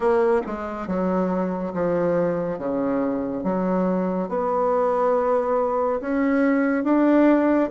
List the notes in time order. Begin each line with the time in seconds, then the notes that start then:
0.00 A#3
0.46 G#3
0.87 F#3
1.73 F3
2.58 C#3
3.43 F#3
4.29 B3
6.00 C#4
6.84 D4